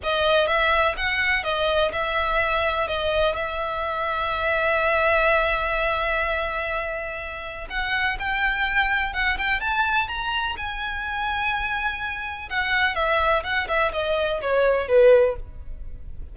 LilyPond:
\new Staff \with { instrumentName = "violin" } { \time 4/4 \tempo 4 = 125 dis''4 e''4 fis''4 dis''4 | e''2 dis''4 e''4~ | e''1~ | e''1 |
fis''4 g''2 fis''8 g''8 | a''4 ais''4 gis''2~ | gis''2 fis''4 e''4 | fis''8 e''8 dis''4 cis''4 b'4 | }